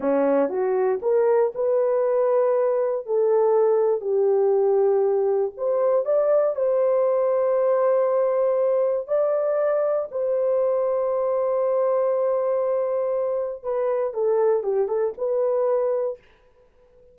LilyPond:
\new Staff \with { instrumentName = "horn" } { \time 4/4 \tempo 4 = 119 cis'4 fis'4 ais'4 b'4~ | b'2 a'2 | g'2. c''4 | d''4 c''2.~ |
c''2 d''2 | c''1~ | c''2. b'4 | a'4 g'8 a'8 b'2 | }